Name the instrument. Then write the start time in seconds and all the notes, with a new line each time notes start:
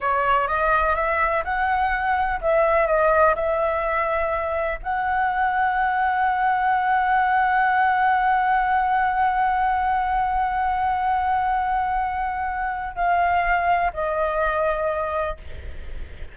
flute
0.00 C#5
0.47 D#5
0.95 E5
1.44 F#5
2.41 E5
2.86 D#5
3.35 E5
4.82 F#5
12.95 F5
13.93 D#5